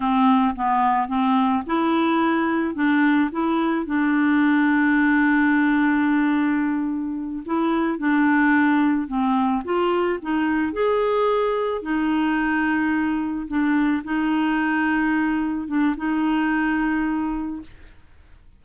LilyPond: \new Staff \with { instrumentName = "clarinet" } { \time 4/4 \tempo 4 = 109 c'4 b4 c'4 e'4~ | e'4 d'4 e'4 d'4~ | d'1~ | d'4. e'4 d'4.~ |
d'8 c'4 f'4 dis'4 gis'8~ | gis'4. dis'2~ dis'8~ | dis'8 d'4 dis'2~ dis'8~ | dis'8 d'8 dis'2. | }